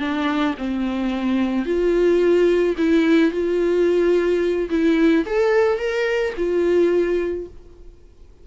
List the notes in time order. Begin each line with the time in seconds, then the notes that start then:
0.00 D4
0.58 C4
1.66 F4
2.78 E4
3.32 F4
4.70 E4
5.26 A4
5.79 A#4
6.38 F4